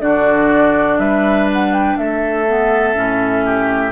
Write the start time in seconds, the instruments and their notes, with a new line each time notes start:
0.00 bassoon D3, clarinet D4, oboe F#4, flute D5
0.98 bassoon G3, oboe B4, flute E5
1.52 flute F#5
1.73 flute G5
1.98 bassoon A3, oboe A4, flute E5
2.47 clarinet B3
2.94 bassoon A2, clarinet C#4
3.45 oboe G4